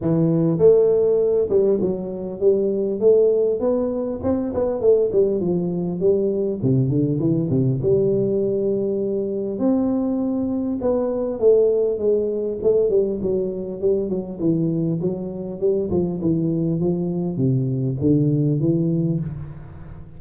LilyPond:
\new Staff \with { instrumentName = "tuba" } { \time 4/4 \tempo 4 = 100 e4 a4. g8 fis4 | g4 a4 b4 c'8 b8 | a8 g8 f4 g4 c8 d8 | e8 c8 g2. |
c'2 b4 a4 | gis4 a8 g8 fis4 g8 fis8 | e4 fis4 g8 f8 e4 | f4 c4 d4 e4 | }